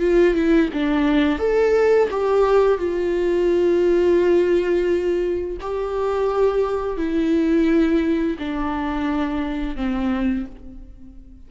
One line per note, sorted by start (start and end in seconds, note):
0.00 0.35 F4
0.35 0.69 E4
0.73 1.39 D4
1.39 2.09 A4
2.11 2.78 G4
2.78 5.57 F4
5.61 6.97 G4
6.97 8.37 E4
8.39 9.76 D4
9.76 10.46 C4